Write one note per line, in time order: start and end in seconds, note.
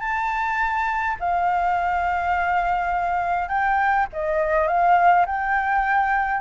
0.00 1.17 A5
1.20 3.48 F5
3.48 4.07 G5
4.13 4.68 D#5
4.68 5.26 F5
5.26 6.41 G5